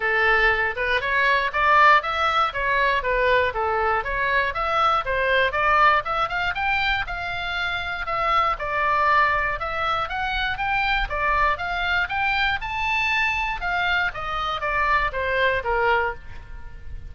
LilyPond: \new Staff \with { instrumentName = "oboe" } { \time 4/4 \tempo 4 = 119 a'4. b'8 cis''4 d''4 | e''4 cis''4 b'4 a'4 | cis''4 e''4 c''4 d''4 | e''8 f''8 g''4 f''2 |
e''4 d''2 e''4 | fis''4 g''4 d''4 f''4 | g''4 a''2 f''4 | dis''4 d''4 c''4 ais'4 | }